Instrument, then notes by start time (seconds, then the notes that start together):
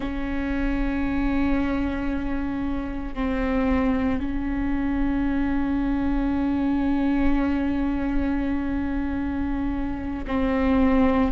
viola
0.00 C#4
3.14 C4
4.19 C#4
10.27 C4